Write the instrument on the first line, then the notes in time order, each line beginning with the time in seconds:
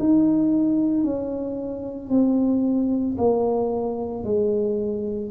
tuba
0.00 D#4
1.04 C#4
2.10 C4
3.19 A#3
4.25 G#3